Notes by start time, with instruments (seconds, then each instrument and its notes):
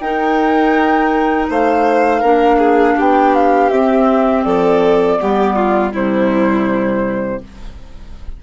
0.00 bassoon D#4, clarinet D#4, violin A#4, flute G5
1.50 bassoon A3, violin C5, flute F5
2.20 bassoon A#3, clarinet D4, violin A#4
2.58 violin G#4
2.97 bassoon B3, violin G4, flute G5
3.35 flute F5
3.70 bassoon C4, clarinet C4, flute E5
4.44 bassoon F3, violin A4, flute D5
5.19 bassoon G3, clarinet B3, violin G4
5.56 violin F4
5.91 bassoon C3, clarinet G3, violin E4, flute C5